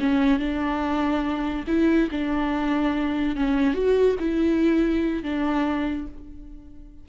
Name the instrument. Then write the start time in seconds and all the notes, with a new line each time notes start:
viola
0.00 C#4
0.39 D4
1.68 E4
2.12 D4
3.36 C#4
3.75 F#4
4.19 E4
5.24 D4